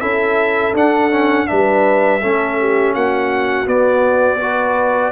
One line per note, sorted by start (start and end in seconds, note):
0.00 0.73 C#4
0.00 0.73 E4
0.00 1.47 A4
0.00 0.73 E5
0.73 1.47 D4
0.73 1.10 D4
0.73 1.47 F#5
1.10 1.47 C#4
1.47 2.24 G3
1.47 2.20 D4
1.47 2.21 B4
1.47 2.93 E5
2.20 2.94 A3
2.20 3.66 C#4
2.20 2.58 A4
2.60 2.93 G4
2.93 3.66 A#3
2.93 4.40 F#4
2.93 3.67 F#5
3.66 5.11 B3
3.66 4.39 B3
3.66 5.11 D5
4.40 5.11 F#4
4.40 5.11 B4